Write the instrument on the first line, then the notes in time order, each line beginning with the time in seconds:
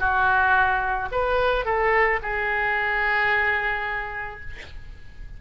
oboe
0.00 F#4
1.12 B4
1.65 A4
2.22 G#4